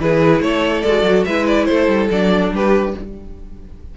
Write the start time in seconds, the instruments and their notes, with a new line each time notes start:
0.00 cello E3, viola E4, violin G#4 B4
0.41 cello A3, violin A4 C#5
0.82 cello G#3, violin D5
0.88 viola F#4
1.03 cello F#3
1.25 cello G#3, viola E4, violin B4 E5
1.48 violin D5
1.65 cello A3, violin A4 C5
1.88 cello G3
2.11 cello F#3, viola D4, violin D5
2.52 cello G3, violin G4 B4